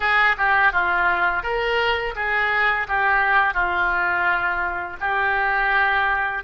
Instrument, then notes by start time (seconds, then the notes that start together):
oboe
0.00 G#4
0.37 G4
0.72 F4
1.43 A#4
2.15 G#4
2.87 G4
3.54 F4
5.00 G4